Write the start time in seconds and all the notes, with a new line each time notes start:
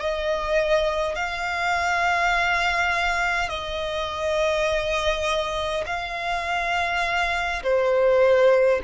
0.00 D#5
1.16 F5
3.49 D#5
5.86 F5
7.63 C5